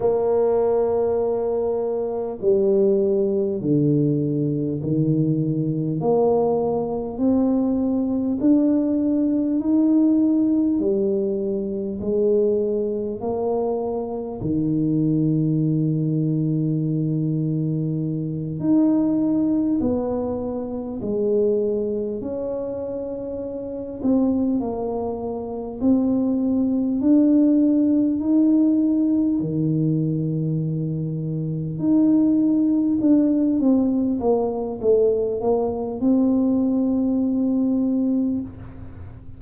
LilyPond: \new Staff \with { instrumentName = "tuba" } { \time 4/4 \tempo 4 = 50 ais2 g4 d4 | dis4 ais4 c'4 d'4 | dis'4 g4 gis4 ais4 | dis2.~ dis8 dis'8~ |
dis'8 b4 gis4 cis'4. | c'8 ais4 c'4 d'4 dis'8~ | dis'8 dis2 dis'4 d'8 | c'8 ais8 a8 ais8 c'2 | }